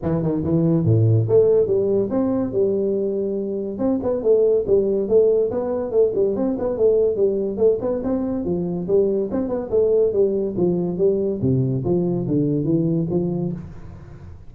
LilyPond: \new Staff \with { instrumentName = "tuba" } { \time 4/4 \tempo 4 = 142 e8 dis8 e4 a,4 a4 | g4 c'4 g2~ | g4 c'8 b8 a4 g4 | a4 b4 a8 g8 c'8 b8 |
a4 g4 a8 b8 c'4 | f4 g4 c'8 b8 a4 | g4 f4 g4 c4 | f4 d4 e4 f4 | }